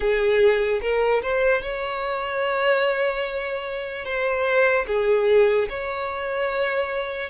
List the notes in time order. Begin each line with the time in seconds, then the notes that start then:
0.00 G#4
0.81 A#4
1.22 C5
1.62 C#5
4.04 C5
4.87 G#4
5.69 C#5